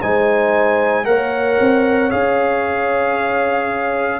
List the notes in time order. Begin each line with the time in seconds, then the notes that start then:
0.00 G#3 D#4 C5 G#5
1.04 A#3 A#4 C#5 F#5
1.60 C4
2.10 C#4 G#4 F5